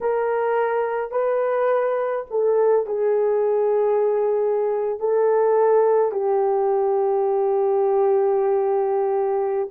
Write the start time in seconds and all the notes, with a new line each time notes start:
0.01 A#4
1.11 B4
2.30 A4
2.86 G#4
4.99 A4
6.11 G4